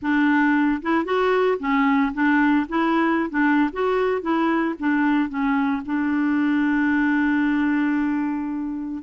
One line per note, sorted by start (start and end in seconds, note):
0.02 0.81 D4
0.82 1.04 E4
1.04 1.57 F#4
1.59 2.12 C#4
2.13 2.66 D4
2.68 3.30 E4
3.30 3.70 D4
3.73 4.21 F#4
4.21 4.74 E4
4.79 5.29 D4
5.29 5.82 C#4
5.85 9.02 D4